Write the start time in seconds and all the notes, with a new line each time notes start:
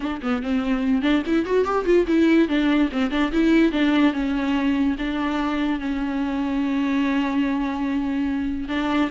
0.00 D4
0.22 B3
0.42 C4
1.02 D4
1.26 E4
1.45 F#4
1.64 G4
1.85 F4
2.07 E4
2.48 D4
2.92 C4
3.11 D4
3.32 E4
3.71 D4
4.13 C#4
4.98 D4
5.79 C#4
8.68 D4